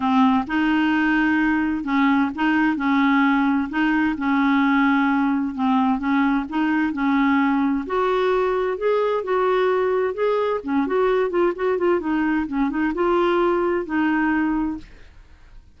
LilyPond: \new Staff \with { instrumentName = "clarinet" } { \time 4/4 \tempo 4 = 130 c'4 dis'2. | cis'4 dis'4 cis'2 | dis'4 cis'2. | c'4 cis'4 dis'4 cis'4~ |
cis'4 fis'2 gis'4 | fis'2 gis'4 cis'8 fis'8~ | fis'8 f'8 fis'8 f'8 dis'4 cis'8 dis'8 | f'2 dis'2 | }